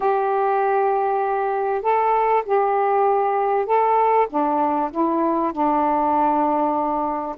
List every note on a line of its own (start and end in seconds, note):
0.00 1.82 G4
1.82 2.43 A4
2.45 3.66 G4
3.66 4.27 A4
4.29 4.90 D4
4.91 5.52 E4
5.52 7.36 D4